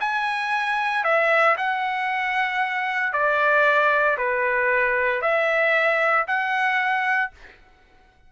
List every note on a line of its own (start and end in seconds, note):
0.00 1.04 G#5
1.04 1.56 E5
1.57 3.13 F#5
3.13 4.17 D5
4.18 5.22 B4
5.22 6.26 E5
6.27 7.31 F#5